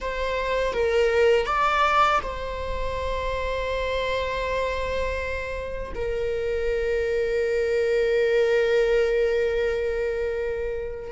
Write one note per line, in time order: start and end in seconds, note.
0.00 0.73 C5
0.73 1.45 A#4
1.45 2.20 D5
2.22 5.93 C5
5.95 11.11 A#4